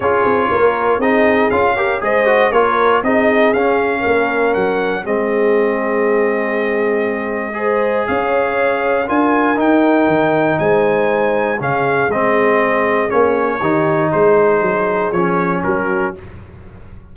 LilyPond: <<
  \new Staff \with { instrumentName = "trumpet" } { \time 4/4 \tempo 4 = 119 cis''2 dis''4 f''4 | dis''4 cis''4 dis''4 f''4~ | f''4 fis''4 dis''2~ | dis''1 |
f''2 gis''4 g''4~ | g''4 gis''2 f''4 | dis''2 cis''2 | c''2 cis''4 ais'4 | }
  \new Staff \with { instrumentName = "horn" } { \time 4/4 gis'4 ais'4 gis'4. ais'8 | c''4 ais'4 gis'2 | ais'2 gis'2~ | gis'2. c''4 |
cis''2 ais'2~ | ais'4 c''2 gis'4~ | gis'2. g'4 | gis'2. fis'4 | }
  \new Staff \with { instrumentName = "trombone" } { \time 4/4 f'2 dis'4 f'8 g'8 | gis'8 fis'8 f'4 dis'4 cis'4~ | cis'2 c'2~ | c'2. gis'4~ |
gis'2 f'4 dis'4~ | dis'2. cis'4 | c'2 cis'4 dis'4~ | dis'2 cis'2 | }
  \new Staff \with { instrumentName = "tuba" } { \time 4/4 cis'8 c'8 ais4 c'4 cis'4 | gis4 ais4 c'4 cis'4 | ais4 fis4 gis2~ | gis1 |
cis'2 d'4 dis'4 | dis4 gis2 cis4 | gis2 ais4 dis4 | gis4 fis4 f4 fis4 | }
>>